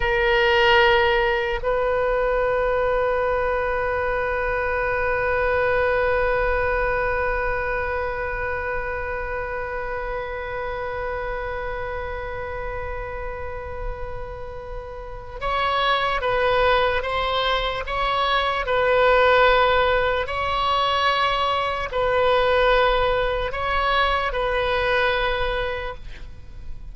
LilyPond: \new Staff \with { instrumentName = "oboe" } { \time 4/4 \tempo 4 = 74 ais'2 b'2~ | b'1~ | b'1~ | b'1~ |
b'2. cis''4 | b'4 c''4 cis''4 b'4~ | b'4 cis''2 b'4~ | b'4 cis''4 b'2 | }